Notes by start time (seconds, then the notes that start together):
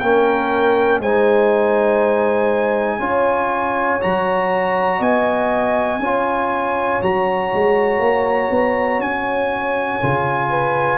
0.00 A#3 C#4 A#4 G5
1.00 G#3 D#4 C5 G#5
3.00 C#4 F4 C#5
4.01 F#3 F#4 A#5
4.99 B3 D#5 G#5
5.99 C#4 F4 C#5
7.02 F#3 F#4 A#5
7.54 G#3
8.00 A#3
8.51 B3
9.00 C#4 G#5
10.03 C#3 F4
10.50 B4